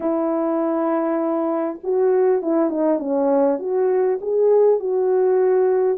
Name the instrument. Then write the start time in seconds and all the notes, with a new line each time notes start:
horn
0.00 E4
1.83 F#4
2.42 E4
2.70 D#4
2.99 C#4
3.59 F#4
4.21 G#4
4.79 F#4